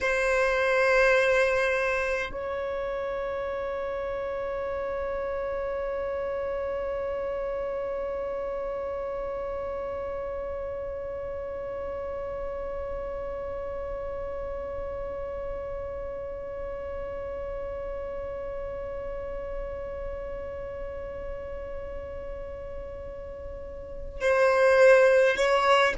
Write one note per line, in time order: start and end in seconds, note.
0.01 2.31 C5
2.32 24.20 C#5
24.20 25.36 C5
25.36 25.94 C#5